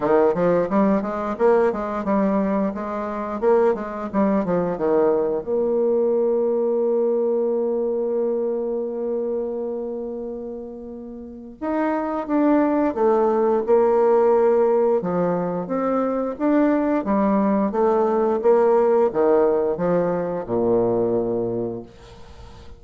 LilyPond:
\new Staff \with { instrumentName = "bassoon" } { \time 4/4 \tempo 4 = 88 dis8 f8 g8 gis8 ais8 gis8 g4 | gis4 ais8 gis8 g8 f8 dis4 | ais1~ | ais1~ |
ais4 dis'4 d'4 a4 | ais2 f4 c'4 | d'4 g4 a4 ais4 | dis4 f4 ais,2 | }